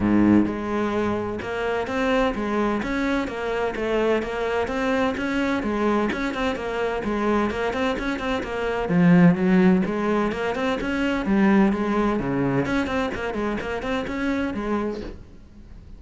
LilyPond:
\new Staff \with { instrumentName = "cello" } { \time 4/4 \tempo 4 = 128 gis,4 gis2 ais4 | c'4 gis4 cis'4 ais4 | a4 ais4 c'4 cis'4 | gis4 cis'8 c'8 ais4 gis4 |
ais8 c'8 cis'8 c'8 ais4 f4 | fis4 gis4 ais8 c'8 cis'4 | g4 gis4 cis4 cis'8 c'8 | ais8 gis8 ais8 c'8 cis'4 gis4 | }